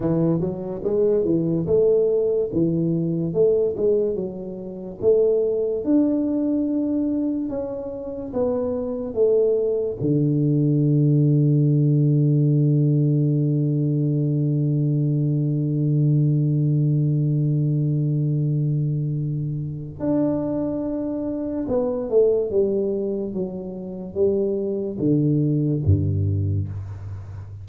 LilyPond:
\new Staff \with { instrumentName = "tuba" } { \time 4/4 \tempo 4 = 72 e8 fis8 gis8 e8 a4 e4 | a8 gis8 fis4 a4 d'4~ | d'4 cis'4 b4 a4 | d1~ |
d1~ | d1 | d'2 b8 a8 g4 | fis4 g4 d4 g,4 | }